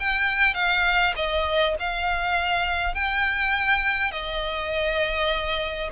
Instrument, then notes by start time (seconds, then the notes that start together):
violin
0.00 G5
0.54 F5
1.16 D#5
1.79 F5
2.94 G5
4.11 D#5